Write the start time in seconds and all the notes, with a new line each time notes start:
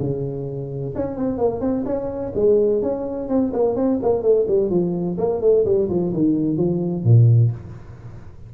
0.00 C#3
0.96 C#4
1.17 C4
1.38 A#3
1.61 C4
1.86 C#4
2.35 G#3
2.82 C#4
3.29 C4
3.53 A#3
3.76 C4
4.02 A#3
4.22 A3
4.48 G3
4.70 F3
5.18 A#3
5.41 A3
5.65 G3
5.89 F3
6.13 D#3
6.57 F3
7.04 A#2